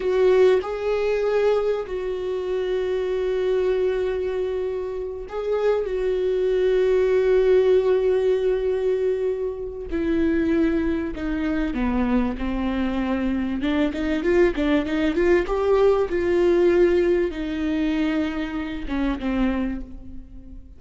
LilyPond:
\new Staff \with { instrumentName = "viola" } { \time 4/4 \tempo 4 = 97 fis'4 gis'2 fis'4~ | fis'1~ | fis'8 gis'4 fis'2~ fis'8~ | fis'1 |
e'2 dis'4 b4 | c'2 d'8 dis'8 f'8 d'8 | dis'8 f'8 g'4 f'2 | dis'2~ dis'8 cis'8 c'4 | }